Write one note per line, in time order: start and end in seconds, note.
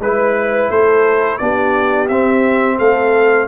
0.00 0.70 G#3
0.00 1.40 E4
0.00 0.70 B4
0.00 0.71 B4
0.70 1.40 A3
0.70 1.40 A4
0.70 1.38 C5
1.38 2.10 B3
1.38 2.10 D4
1.38 2.78 G4
1.38 2.08 D5
2.09 2.80 C4
2.09 3.48 C4
2.09 2.79 E5
2.78 3.48 A3
2.78 3.48 A4
2.78 3.48 F5